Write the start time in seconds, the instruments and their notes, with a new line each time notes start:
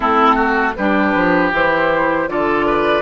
0.00 bassoon A3, clarinet C4, oboe E4, flute A4
0.35 oboe F#4
0.75 bassoon G3, clarinet D4, oboe G4, flute B4
1.15 bassoon F3
1.52 bassoon E3, clarinet E4, flute C5
2.28 bassoon D3, clarinet F4, oboe A4, flute D5
2.66 oboe B4